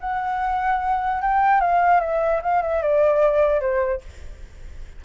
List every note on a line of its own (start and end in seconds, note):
0.00 1.22 F#5
1.22 1.60 G5
1.60 2.00 F5
2.00 2.41 E5
2.42 2.62 F5
2.62 2.82 E5
2.82 3.60 D5
3.60 4.01 C5